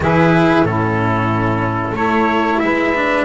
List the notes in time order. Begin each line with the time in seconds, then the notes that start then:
0.00 E3 E4 G#4 B4
0.63 A2 C#4 E4 A4
1.91 A3 E4 A4 C#5
2.59 G#3 B4 E5
2.94 D4